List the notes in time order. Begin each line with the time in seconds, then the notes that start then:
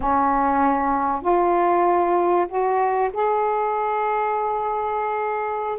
0.00 C#4
1.21 F4
2.48 F#4
3.13 G#4